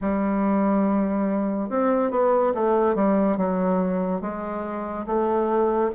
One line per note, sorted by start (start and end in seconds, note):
0.01 1.69 G3
1.69 2.10 C4
2.10 2.53 B3
2.54 2.95 A3
2.95 3.37 G3
3.37 4.21 F#3
4.21 5.06 G#3
5.06 5.90 A3